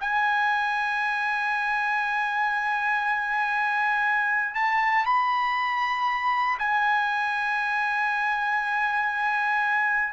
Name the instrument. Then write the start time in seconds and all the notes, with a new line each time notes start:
trumpet
0.00 G#5
4.54 A5
5.05 B5
6.59 G#5